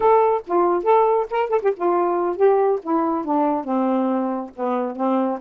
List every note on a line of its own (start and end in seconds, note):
0.00 0.42 A4
0.46 0.83 F4
0.83 1.26 A4
1.30 1.49 A#4
1.49 1.60 A4
1.62 1.73 G4
1.76 2.36 F4
2.36 2.79 G4
2.82 3.24 E4
3.24 3.64 D4
3.64 4.50 C4
4.56 4.96 B3
4.96 5.39 C4